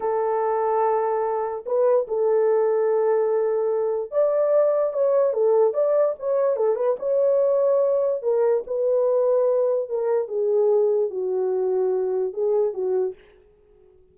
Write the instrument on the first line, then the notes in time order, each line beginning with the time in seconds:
horn
0.00 A4
1.66 B4
2.07 A4
4.11 D5
4.93 C#5
5.33 A4
5.73 D5
6.19 C#5
6.56 A4
6.75 B4
6.99 C#5
8.22 A#4
8.67 B4
9.89 A#4
10.27 G#4
11.10 F#4
12.33 G#4
12.73 F#4